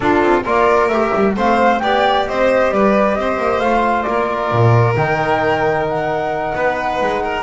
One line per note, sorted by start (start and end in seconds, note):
0.00 0.42 D4
0.00 0.22 D4
0.00 0.43 F4
0.00 0.43 A4
0.22 0.45 C4
0.43 0.89 A#3
0.43 0.91 F4
0.43 1.33 A#4
0.43 0.88 D5
0.88 1.11 A3
0.88 1.36 G4
0.88 1.33 E5
1.14 1.36 G3
1.36 1.81 A3
1.36 1.81 C4
1.36 1.81 C5
1.36 1.79 F5
1.79 2.27 B3
1.79 3.63 G4
1.79 2.28 D5
1.79 2.24 G5
2.27 2.70 C4
2.27 2.73 C5
2.27 2.70 D#5
2.70 3.15 G3
2.70 3.18 B4
2.70 3.15 D5
3.15 3.37 C4
3.15 4.08 C5
3.15 3.59 D#5
3.37 3.60 A#3
3.59 4.05 A3
3.59 4.95 F4
3.59 4.02 F5
4.02 4.51 A#3
4.02 6.55 A#4
4.02 4.92 D5
4.51 4.95 A#2
4.95 6.53 D#3
4.95 7.43 D#4
4.95 5.86 G5
5.88 7.43 F#5
6.55 7.00 B3
6.55 7.22 B4
7.00 7.43 G#3
7.23 7.43 A#4